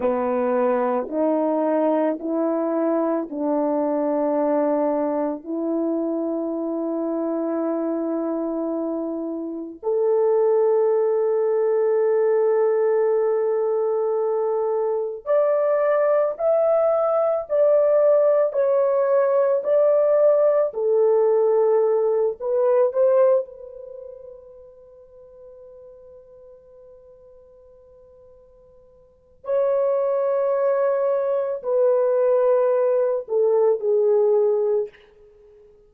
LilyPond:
\new Staff \with { instrumentName = "horn" } { \time 4/4 \tempo 4 = 55 b4 dis'4 e'4 d'4~ | d'4 e'2.~ | e'4 a'2.~ | a'2 d''4 e''4 |
d''4 cis''4 d''4 a'4~ | a'8 b'8 c''8 b'2~ b'8~ | b'2. cis''4~ | cis''4 b'4. a'8 gis'4 | }